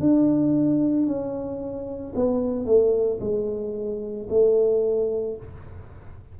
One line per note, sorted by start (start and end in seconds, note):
0.00 1.06 D4
1.06 2.13 C#4
2.15 2.65 B3
2.65 3.19 A3
3.20 4.27 G#3
4.30 5.37 A3